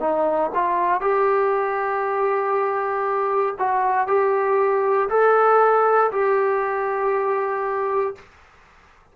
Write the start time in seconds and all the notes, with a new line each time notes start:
0.00 D#4
0.54 F4
1.01 G4
3.59 F#4
4.07 G4
5.09 A4
6.12 G4